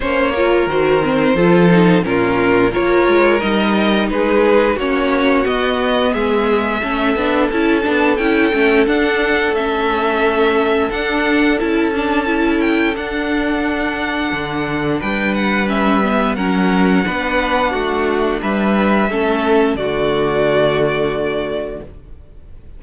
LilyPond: <<
  \new Staff \with { instrumentName = "violin" } { \time 4/4 \tempo 4 = 88 cis''4 c''2 ais'4 | cis''4 dis''4 b'4 cis''4 | dis''4 e''2 a''4 | g''4 fis''4 e''2 |
fis''4 a''4. g''8 fis''4~ | fis''2 g''8 fis''8 e''4 | fis''2. e''4~ | e''4 d''2. | }
  \new Staff \with { instrumentName = "violin" } { \time 4/4 c''8 ais'4. a'4 f'4 | ais'2 gis'4 fis'4~ | fis'4 gis'4 a'2~ | a'1~ |
a'1~ | a'2 b'2 | ais'4 b'4 fis'4 b'4 | a'4 fis'2. | }
  \new Staff \with { instrumentName = "viola" } { \time 4/4 cis'8 f'8 fis'8 c'8 f'8 dis'8 cis'4 | f'4 dis'2 cis'4 | b2 cis'8 d'8 e'8 d'8 | e'8 cis'8 d'4 cis'2 |
d'4 e'8 d'8 e'4 d'4~ | d'2. cis'8 b8 | cis'4 d'2. | cis'4 a2. | }
  \new Staff \with { instrumentName = "cello" } { \time 4/4 ais4 dis4 f4 ais,4 | ais8 gis8 g4 gis4 ais4 | b4 gis4 a8 b8 cis'8 b8 | cis'8 a8 d'4 a2 |
d'4 cis'2 d'4~ | d'4 d4 g2 | fis4 b4 a4 g4 | a4 d2. | }
>>